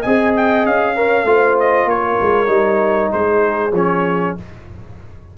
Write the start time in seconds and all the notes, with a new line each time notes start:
0.00 C4 D#5 G#5
0.06 G#4
0.36 G5
0.65 C#4 F5
0.96 A#4 C#5
1.24 A3 F4 C5
1.60 D#5
1.85 A#3 A#4 C#5
2.21 G#3
2.47 G3 D#4
3.12 G#3 G#4 C5
3.72 F3 C#4 C#5